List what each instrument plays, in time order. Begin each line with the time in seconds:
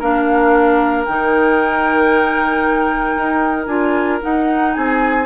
0.00 bassoon A#3, clarinet D4, oboe A#4, flute F5
1.05 bassoon D#3, clarinet D#4, flute G5
3.17 bassoon D#4
3.66 bassoon D4, clarinet F4, flute G#5
4.22 clarinet D#4, bassoon D#4, flute F#5
4.74 bassoon C4, oboe G#4, flute G#5